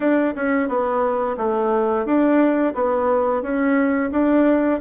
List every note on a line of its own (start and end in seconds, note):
0.00 0.34 D4
0.35 0.68 C#4
0.68 1.36 B3
1.37 2.05 A3
2.05 2.73 D4
2.74 3.42 B3
3.42 4.10 C#4
4.11 4.79 D4